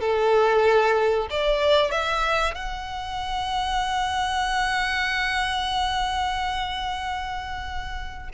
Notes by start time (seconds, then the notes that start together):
0.00 A4
1.30 D5
1.91 E5
2.54 F#5